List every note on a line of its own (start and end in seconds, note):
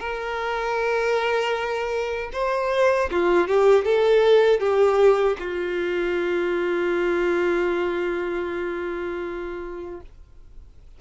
0.00 2.31 A#4
2.33 3.10 C5
3.11 3.48 F4
3.48 3.85 G4
3.85 4.60 A4
4.60 5.37 G4
5.40 10.01 F4